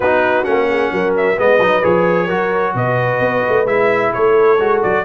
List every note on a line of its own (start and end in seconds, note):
0.00 0.44 B3
0.00 0.44 D#4
0.00 0.68 F#4
0.00 0.44 B4
0.44 0.91 A#3
0.44 1.36 C#4
0.44 1.13 F#5
0.69 0.92 G#4
0.91 1.37 F#3
0.91 1.38 A#4
1.16 1.39 E5
1.36 1.59 G#3
1.36 1.59 B3
1.36 2.26 B4
1.36 1.84 D#5
1.59 1.82 F#3
1.59 1.82 D#4
1.82 2.29 F3
1.82 2.28 G#4
1.82 2.76 C#5
2.26 2.74 F#3
2.26 3.66 F#4
2.26 2.72 A#4
2.74 3.20 B2
2.74 4.12 B4
2.74 3.67 D#5
3.20 3.42 B3
3.48 3.64 A3
3.64 4.10 G#3
3.64 4.58 E4
3.64 4.12 E5
4.13 4.59 A3
4.13 5.04 A4
4.13 4.82 C#5
4.59 4.82 G#3
4.59 5.04 F#4
4.82 5.04 F#3
4.82 5.04 D5